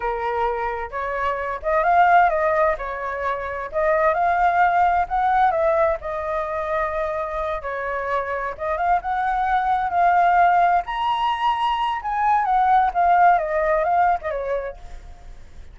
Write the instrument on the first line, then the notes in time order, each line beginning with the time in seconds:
flute
0.00 A#4
0.90 C#5
1.62 D#5
1.83 F5
2.29 D#5
2.78 C#5
3.72 D#5
4.14 F5
5.08 F#5
5.51 E5
6.01 D#5
7.62 C#5
8.57 D#5
8.77 F5
9.01 F#5
9.90 F5
10.85 A#5
12.02 G#5
12.44 F#5
12.93 F5
13.38 D#5
13.84 F5
14.21 D#5
14.30 C#5